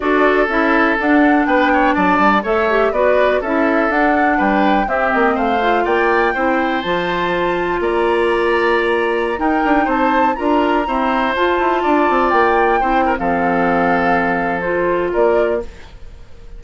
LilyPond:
<<
  \new Staff \with { instrumentName = "flute" } { \time 4/4 \tempo 4 = 123 d''4 e''4 fis''4 g''4 | a''4 e''4 d''4 e''4 | fis''4 g''4 e''8 dis''8 f''4 | g''2 a''2 |
ais''2.~ ais''16 g''8.~ | g''16 a''4 ais''2 a''8.~ | a''4~ a''16 g''4.~ g''16 f''4~ | f''2 c''4 d''4 | }
  \new Staff \with { instrumentName = "oboe" } { \time 4/4 a'2. b'8 cis''8 | d''4 cis''4 b'4 a'4~ | a'4 b'4 g'4 c''4 | d''4 c''2. |
d''2.~ d''16 ais'8.~ | ais'16 c''4 ais'4 c''4.~ c''16~ | c''16 d''2 c''8 ais'16 a'4~ | a'2. ais'4 | }
  \new Staff \with { instrumentName = "clarinet" } { \time 4/4 fis'4 e'4 d'2~ | d'4 a'8 g'8 fis'4 e'4 | d'2 c'4. f'8~ | f'4 e'4 f'2~ |
f'2.~ f'16 dis'8.~ | dis'4~ dis'16 f'4 c'4 f'8.~ | f'2~ f'16 e'8. c'4~ | c'2 f'2 | }
  \new Staff \with { instrumentName = "bassoon" } { \time 4/4 d'4 cis'4 d'4 b4 | fis8 g8 a4 b4 cis'4 | d'4 g4 c'8 ais8 a4 | ais4 c'4 f2 |
ais2.~ ais16 dis'8 d'16~ | d'16 c'4 d'4 e'4 f'8 e'16~ | e'16 d'8 c'8 ais4 c'8. f4~ | f2. ais4 | }
>>